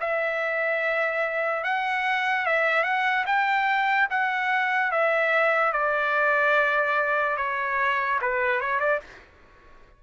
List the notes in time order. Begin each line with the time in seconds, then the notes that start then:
0.00 E5
1.64 F#5
2.46 E5
2.84 F#5
3.26 G5
4.10 F#5
4.91 E5
5.73 D5
7.37 C#5
8.21 B4
8.61 C#5
8.79 D5